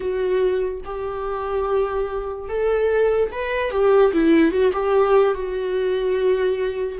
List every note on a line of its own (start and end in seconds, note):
0.00 0.80 F#4
0.84 2.48 G4
2.48 3.31 A4
3.31 3.70 B4
3.70 4.11 G4
4.13 4.51 E4
4.51 4.71 F#4
4.72 5.34 G4
5.34 6.98 F#4